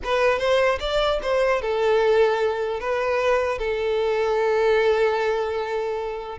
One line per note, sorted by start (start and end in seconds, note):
0.03 0.38 B4
0.38 0.78 C5
0.79 1.19 D5
1.22 1.61 C5
1.61 2.80 A4
2.80 3.58 B4
3.58 6.38 A4